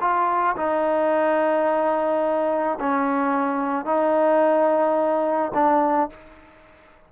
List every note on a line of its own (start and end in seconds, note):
0.00 0.56 F4
0.56 2.79 D#4
2.79 3.85 C#4
3.85 5.52 D#4
5.54 6.09 D4